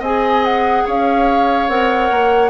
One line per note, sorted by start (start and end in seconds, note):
0.00 0.84 C4
0.00 1.70 G#4
0.00 0.83 D#5
0.00 0.45 G#5
0.45 0.87 F#5
0.86 1.69 C#4
0.86 2.51 C#5
0.86 1.69 F5
1.69 2.10 C4
1.69 2.51 A#4
1.69 2.51 F#5
2.11 2.51 A#3